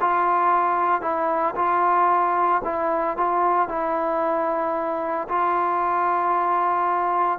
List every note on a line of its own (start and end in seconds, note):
0.00 1.01 F4
1.01 1.54 E4
1.55 2.61 F4
2.64 3.17 E4
3.17 3.68 F4
3.68 5.27 E4
5.28 7.39 F4